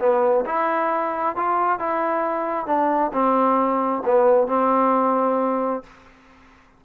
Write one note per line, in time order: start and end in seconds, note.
0.00 0.45 B3
0.46 1.36 E4
1.36 1.80 F4
1.80 2.67 E4
2.67 3.12 D4
3.13 4.03 C4
4.06 4.48 B3
4.48 5.83 C4